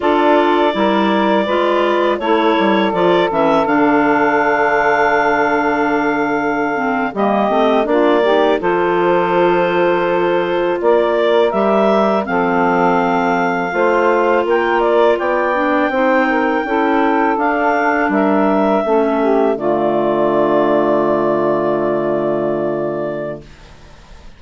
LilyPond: <<
  \new Staff \with { instrumentName = "clarinet" } { \time 4/4 \tempo 4 = 82 d''2. cis''4 | d''8 e''8 f''2.~ | f''4.~ f''16 dis''4 d''4 c''16~ | c''2~ c''8. d''4 e''16~ |
e''8. f''2. g''16~ | g''16 d''8 g''2. f''16~ | f''8. e''2 d''4~ d''16~ | d''1 | }
  \new Staff \with { instrumentName = "saxophone" } { \time 4/4 a'4 ais'4 b'4 a'4~ | a'1~ | a'4.~ a'16 g'4 f'8 g'8 a'16~ | a'2~ a'8. ais'4~ ais'16~ |
ais'8. a'2 c''4 ais'16~ | ais'8. d''4 c''8 ais'8 a'4~ a'16~ | a'8. ais'4 a'8 g'8 f'4~ f'16~ | f'1 | }
  \new Staff \with { instrumentName = "clarinet" } { \time 4/4 f'4 e'4 f'4 e'4 | f'8 cis'8 d'2.~ | d'4~ d'16 c'8 ais8 c'8 d'8 dis'8 f'16~ | f'2.~ f'8. g'16~ |
g'8. c'2 f'4~ f'16~ | f'4~ f'16 d'8 dis'4 e'4 d'16~ | d'4.~ d'16 cis'4 a4~ a16~ | a1 | }
  \new Staff \with { instrumentName = "bassoon" } { \time 4/4 d'4 g4 gis4 a8 g8 | f8 e8 d2.~ | d4.~ d16 g8 a8 ais4 f16~ | f2~ f8. ais4 g16~ |
g8. f2 a4 ais16~ | ais8. b4 c'4 cis'4 d'16~ | d'8. g4 a4 d4~ d16~ | d1 | }
>>